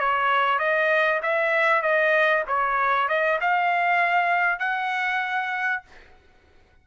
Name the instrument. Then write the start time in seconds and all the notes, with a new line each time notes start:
trumpet
0.00 C#5
0.59 D#5
1.23 E5
1.82 D#5
2.48 C#5
3.09 D#5
3.41 F5
4.60 F#5